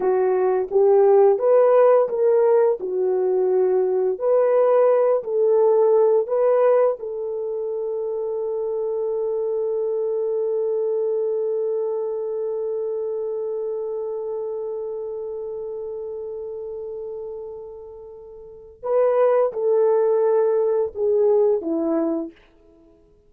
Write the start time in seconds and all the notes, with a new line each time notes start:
0.00 F#4
0.70 G4
1.38 B4
2.09 A#4
2.80 F#4
4.18 B4
5.23 A4
6.27 B4
6.99 A4
18.82 B4
19.53 A4
20.95 G#4
21.61 E4